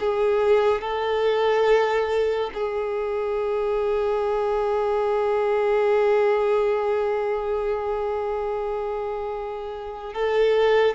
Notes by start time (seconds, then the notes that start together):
0.00 G#4
0.81 A4
2.54 G#4
10.14 A4